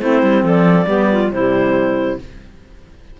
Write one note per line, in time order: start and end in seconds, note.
0.00 0.23 A3
0.00 0.87 C4
0.00 0.43 E4
0.00 0.43 C5
0.23 0.43 G3
0.43 0.87 F3
0.43 0.87 A4
0.43 1.32 D5
0.87 1.31 G3
0.87 1.30 B3
0.87 1.10 G4
1.12 1.33 F4
1.31 2.18 C3
1.31 2.19 G3
1.31 2.20 E4
1.31 2.19 C5